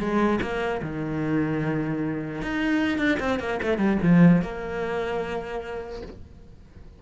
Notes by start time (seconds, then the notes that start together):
0.00 G#3
0.42 A#3
0.82 D#3
2.42 D#4
2.98 D4
3.20 C4
3.40 A#3
3.63 A3
3.78 G3
4.03 F3
4.42 A#3